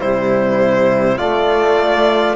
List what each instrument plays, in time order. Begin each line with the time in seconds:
0.00 cello C3, trombone G3, trumpet E4, violin C5
1.17 trombone A3, cello A3, trumpet F4, violin D5